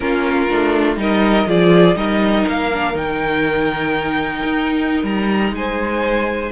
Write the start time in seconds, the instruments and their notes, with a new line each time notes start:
0.00 cello A#3, viola C#4, violin F4 A#4
0.49 cello A3, viola D4
0.96 cello G3, viola D#4, violin A#4 D#5
1.46 cello F3, viola F4, violin G#4 D5
1.95 cello G3, viola D#4, violin A#4 D#5
2.47 cello A#3, violin F5
2.73 viola D4
2.94 cello D#3, viola D#4, violin G5
4.43 cello D#4
5.03 cello G3, violin A#5
5.51 cello G#3, violin C5 G#5